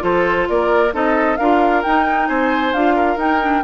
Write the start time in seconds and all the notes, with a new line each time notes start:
0.00 F3 F4 A4 C5
0.49 A#3 A#4 D5
0.93 C4 D#4 A4 D#5
1.37 D4 F4 A#4 F5
1.83 D#4 G5
2.28 C4 C5 G#5
2.73 D4 F4 F5
2.96 A#4
3.17 D#4 G5
3.41 D4